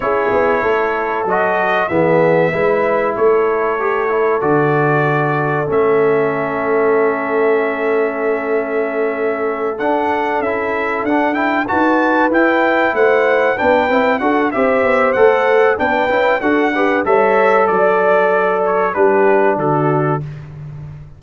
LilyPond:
<<
  \new Staff \with { instrumentName = "trumpet" } { \time 4/4 \tempo 4 = 95 cis''2 dis''4 e''4~ | e''4 cis''2 d''4~ | d''4 e''2.~ | e''2.~ e''8 fis''8~ |
fis''8 e''4 fis''8 g''8 a''4 g''8~ | g''8 fis''4 g''4 fis''8 e''4 | fis''4 g''4 fis''4 e''4 | d''4. cis''8 b'4 a'4 | }
  \new Staff \with { instrumentName = "horn" } { \time 4/4 gis'4 a'2 gis'4 | b'4 a'2.~ | a'1~ | a'1~ |
a'2~ a'8 b'4.~ | b'8 c''4 b'4 a'8 c''4~ | c''4 b'4 a'8 b'8 cis''4 | d''2 g'4 fis'4 | }
  \new Staff \with { instrumentName = "trombone" } { \time 4/4 e'2 fis'4 b4 | e'2 g'8 e'8 fis'4~ | fis'4 cis'2.~ | cis'2.~ cis'8 d'8~ |
d'8 e'4 d'8 e'8 fis'4 e'8~ | e'4. d'8 e'8 fis'8 g'4 | a'4 d'8 e'8 fis'8 g'8 a'4~ | a'2 d'2 | }
  \new Staff \with { instrumentName = "tuba" } { \time 4/4 cis'8 b8 a4 fis4 e4 | gis4 a2 d4~ | d4 a2.~ | a2.~ a8 d'8~ |
d'8 cis'4 d'4 dis'4 e'8~ | e'8 a4 b8 c'8 d'8 c'8 b8 | a4 b8 cis'8 d'4 g4 | fis2 g4 d4 | }
>>